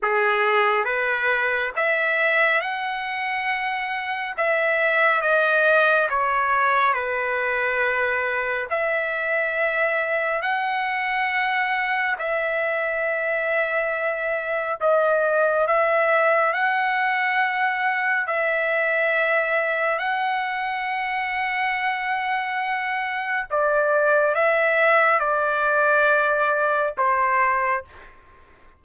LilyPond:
\new Staff \with { instrumentName = "trumpet" } { \time 4/4 \tempo 4 = 69 gis'4 b'4 e''4 fis''4~ | fis''4 e''4 dis''4 cis''4 | b'2 e''2 | fis''2 e''2~ |
e''4 dis''4 e''4 fis''4~ | fis''4 e''2 fis''4~ | fis''2. d''4 | e''4 d''2 c''4 | }